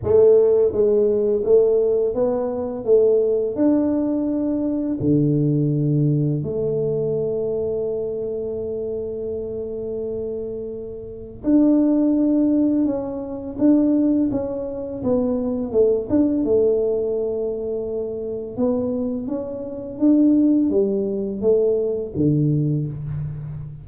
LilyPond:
\new Staff \with { instrumentName = "tuba" } { \time 4/4 \tempo 4 = 84 a4 gis4 a4 b4 | a4 d'2 d4~ | d4 a2.~ | a1 |
d'2 cis'4 d'4 | cis'4 b4 a8 d'8 a4~ | a2 b4 cis'4 | d'4 g4 a4 d4 | }